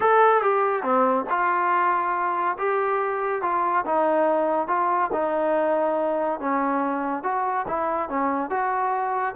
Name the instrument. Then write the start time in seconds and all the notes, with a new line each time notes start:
trombone
0.00 A4
0.42 G4
0.82 C4
1.29 F4
2.58 G4
3.42 F4
3.85 D#4
4.67 F4
5.12 D#4
6.40 C#4
7.23 F#4
7.67 E4
8.09 C#4
8.50 F#4